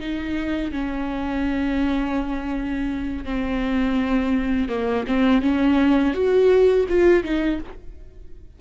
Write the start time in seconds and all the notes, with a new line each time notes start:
0.00 D#4
0.72 C#4
3.25 C4
4.69 A#3
5.07 C4
5.42 C#4
6.14 F#4
6.89 F4
7.24 D#4